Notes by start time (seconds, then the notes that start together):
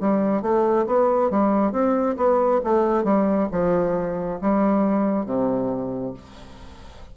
0.00 G3
0.42 A3
0.87 B3
1.30 G3
1.72 C4
2.17 B3
2.64 A3
3.04 G3
3.52 F3
4.42 G3
5.26 C3